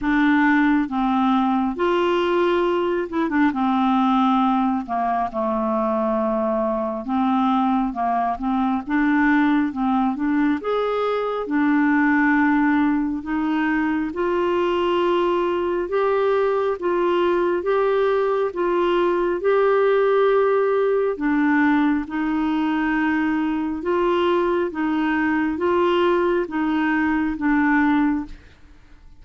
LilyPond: \new Staff \with { instrumentName = "clarinet" } { \time 4/4 \tempo 4 = 68 d'4 c'4 f'4. e'16 d'16 | c'4. ais8 a2 | c'4 ais8 c'8 d'4 c'8 d'8 | gis'4 d'2 dis'4 |
f'2 g'4 f'4 | g'4 f'4 g'2 | d'4 dis'2 f'4 | dis'4 f'4 dis'4 d'4 | }